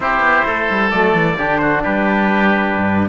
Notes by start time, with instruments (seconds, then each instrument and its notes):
0.00 cello C4, trombone E4, oboe G4, trumpet C5
0.20 cello B3
0.45 cello A3, oboe A4
0.69 cello G3
0.90 cello F#3, trombone A3, trumpet D5
1.13 cello E3
1.37 cello D3, trombone D4, oboe G4
1.58 oboe F#4, trumpet C5
1.82 cello G3, oboe G4, trumpet B4
2.77 cello G2